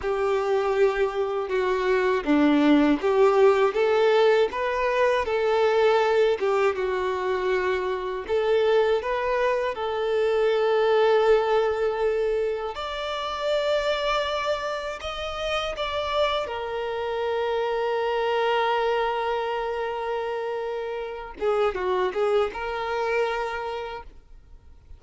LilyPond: \new Staff \with { instrumentName = "violin" } { \time 4/4 \tempo 4 = 80 g'2 fis'4 d'4 | g'4 a'4 b'4 a'4~ | a'8 g'8 fis'2 a'4 | b'4 a'2.~ |
a'4 d''2. | dis''4 d''4 ais'2~ | ais'1~ | ais'8 gis'8 fis'8 gis'8 ais'2 | }